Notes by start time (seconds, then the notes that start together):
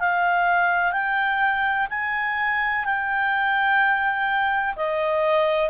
0.00 F5
0.92 G5
1.90 G#5
2.85 G5
4.76 D#5